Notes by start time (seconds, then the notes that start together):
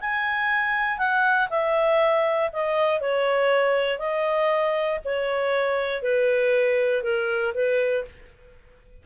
0.00 G#5
0.98 F#5
1.50 E5
2.52 D#5
3.00 C#5
3.99 D#5
5.04 C#5
6.02 B4
7.03 A#4
7.54 B4